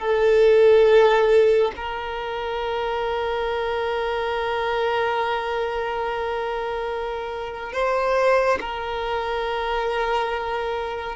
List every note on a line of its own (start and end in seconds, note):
0.00 1.71 A4
1.76 7.73 A#4
7.73 8.59 C5
8.61 11.16 A#4